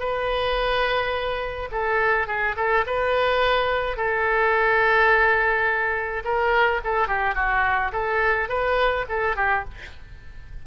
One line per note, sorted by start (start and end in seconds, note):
0.00 1.70 B4
1.72 2.28 A4
2.28 2.56 G#4
2.57 2.85 A4
2.87 3.97 B4
3.97 6.23 A4
6.25 6.81 A#4
6.84 7.08 A4
7.08 7.35 G4
7.35 7.92 F#4
7.93 8.49 A4
8.49 9.06 B4
9.09 9.36 A4
9.36 9.65 G4